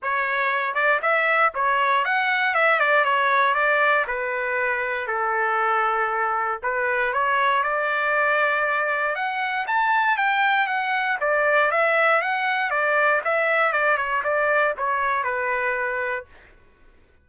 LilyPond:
\new Staff \with { instrumentName = "trumpet" } { \time 4/4 \tempo 4 = 118 cis''4. d''8 e''4 cis''4 | fis''4 e''8 d''8 cis''4 d''4 | b'2 a'2~ | a'4 b'4 cis''4 d''4~ |
d''2 fis''4 a''4 | g''4 fis''4 d''4 e''4 | fis''4 d''4 e''4 d''8 cis''8 | d''4 cis''4 b'2 | }